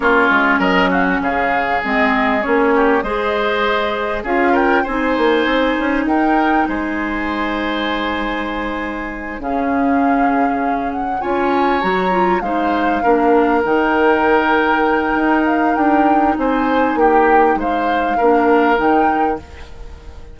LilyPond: <<
  \new Staff \with { instrumentName = "flute" } { \time 4/4 \tempo 4 = 99 cis''4 dis''8 f''16 fis''16 f''4 dis''4 | cis''4 dis''2 f''8 g''8 | gis''2 g''4 gis''4~ | gis''2.~ gis''8 f''8~ |
f''2 fis''8 gis''4 ais''8~ | ais''8 f''2 g''4.~ | g''4. f''8 g''4 gis''4 | g''4 f''2 g''4 | }
  \new Staff \with { instrumentName = "oboe" } { \time 4/4 f'4 ais'8 fis'8 gis'2~ | gis'8 g'8 c''2 gis'8 ais'8 | c''2 ais'4 c''4~ | c''2.~ c''8 gis'8~ |
gis'2~ gis'8 cis''4.~ | cis''8 c''4 ais'2~ ais'8~ | ais'2. c''4 | g'4 c''4 ais'2 | }
  \new Staff \with { instrumentName = "clarinet" } { \time 4/4 cis'2. c'4 | cis'4 gis'2 f'4 | dis'1~ | dis'2.~ dis'8 cis'8~ |
cis'2~ cis'8 f'4 fis'8 | f'8 dis'4 d'4 dis'4.~ | dis'1~ | dis'2 d'4 dis'4 | }
  \new Staff \with { instrumentName = "bassoon" } { \time 4/4 ais8 gis8 fis4 cis4 gis4 | ais4 gis2 cis'4 | c'8 ais8 c'8 cis'8 dis'4 gis4~ | gis2.~ gis8 cis8~ |
cis2~ cis8 cis'4 fis8~ | fis8 gis4 ais4 dis4.~ | dis4 dis'4 d'4 c'4 | ais4 gis4 ais4 dis4 | }
>>